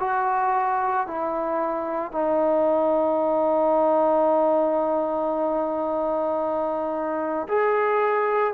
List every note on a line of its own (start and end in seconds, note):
0.00 1.07 F#4
1.07 2.12 E4
2.12 7.48 D#4
7.49 8.54 G#4